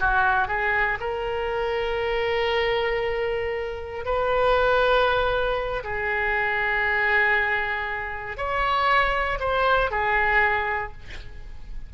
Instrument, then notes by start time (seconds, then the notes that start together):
oboe
0.00 F#4
0.48 G#4
1.00 A#4
4.05 B4
5.84 G#4
8.38 C#5
9.40 C5
9.91 G#4